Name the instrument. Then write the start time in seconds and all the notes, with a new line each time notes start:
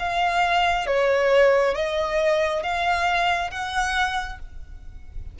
violin
0.00 F5
0.87 C#5
1.75 D#5
2.63 F5
3.51 F#5